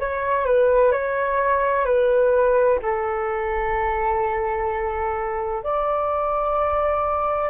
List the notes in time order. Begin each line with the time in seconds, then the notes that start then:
0.00 C#5
0.45 B4
0.92 C#5
1.85 B4
2.83 A4
5.64 D5